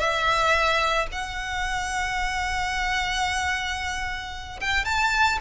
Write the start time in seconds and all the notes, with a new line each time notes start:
0.00 E5
1.12 F#5
4.61 G5
4.85 A5